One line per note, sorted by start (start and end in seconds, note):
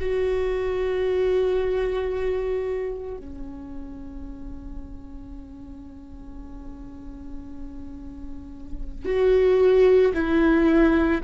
0.00 3.18 F#4
3.18 9.06 C#4
9.06 10.13 F#4
10.14 11.21 E4